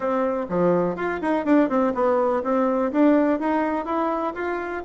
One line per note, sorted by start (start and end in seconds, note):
0.00 0.46 C4
0.49 0.96 F3
0.96 1.20 F4
1.21 1.45 D#4
1.45 1.69 D4
1.69 1.93 C4
1.94 2.42 B3
2.43 2.91 C4
2.91 3.39 D4
3.39 3.85 D#4
3.85 4.33 E4
4.34 4.83 F4